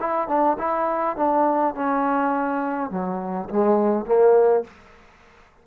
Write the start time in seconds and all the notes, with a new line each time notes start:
0.00 E4
0.28 D4
0.58 E4
1.17 D4
1.75 C#4
2.90 F#3
3.50 G#3
4.06 A#3